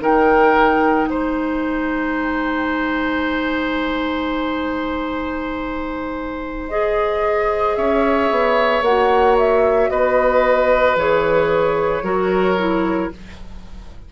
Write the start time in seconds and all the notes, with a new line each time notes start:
0.00 D#3 D#4 A#4 G5
1.06 G#3 C5 G#5
6.69 G#4 D#5
7.76 C#4 C#5 E5
8.31 B3
8.82 A#3 F#4 F#5
9.39 E5
9.90 B3 B4 D#5
10.96 E3 G#4 C#5
12.03 F#3 F#4 A#4
12.58 E4